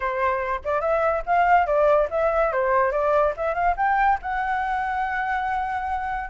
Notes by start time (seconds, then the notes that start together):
0.00 C5
0.64 D5
0.80 E5
1.25 F5
1.66 D5
2.10 E5
2.52 C5
2.91 D5
3.36 E5
3.54 F5
3.76 G5
4.22 F#5